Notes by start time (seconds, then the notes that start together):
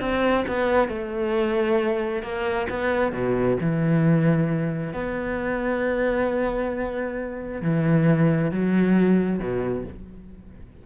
0.00 C4
0.48 B3
0.88 A3
2.22 A#3
2.70 B3
3.12 B2
3.60 E3
4.93 B3
7.61 E3
8.51 F#3
9.39 B2